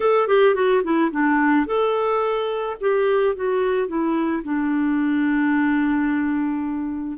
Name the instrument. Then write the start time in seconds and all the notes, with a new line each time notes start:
clarinet
0.00 A4
0.27 G4
0.55 F#4
0.83 E4
1.11 D4
1.66 A4
2.80 G4
3.35 F#4
3.87 E4
4.43 D4